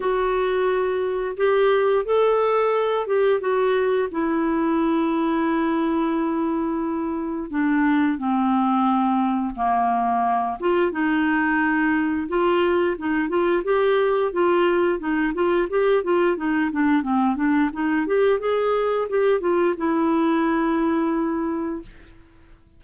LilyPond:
\new Staff \with { instrumentName = "clarinet" } { \time 4/4 \tempo 4 = 88 fis'2 g'4 a'4~ | a'8 g'8 fis'4 e'2~ | e'2. d'4 | c'2 ais4. f'8 |
dis'2 f'4 dis'8 f'8 | g'4 f'4 dis'8 f'8 g'8 f'8 | dis'8 d'8 c'8 d'8 dis'8 g'8 gis'4 | g'8 f'8 e'2. | }